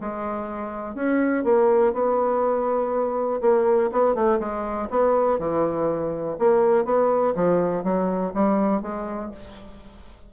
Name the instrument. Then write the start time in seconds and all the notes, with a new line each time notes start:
bassoon
0.00 G#3
0.95 C#4
1.44 A#3
1.93 B3
3.41 A#3
3.92 B3
4.14 A3
4.39 G#3
4.90 B3
5.39 E3
6.38 A#3
6.85 B3
7.35 F3
7.83 F#3
8.34 G3
8.82 G#3